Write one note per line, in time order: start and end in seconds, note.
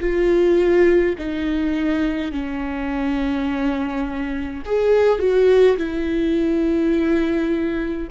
0.00 1.15 F4
1.18 2.32 D#4
2.32 4.63 C#4
4.65 5.19 G#4
5.19 5.76 F#4
5.77 8.08 E4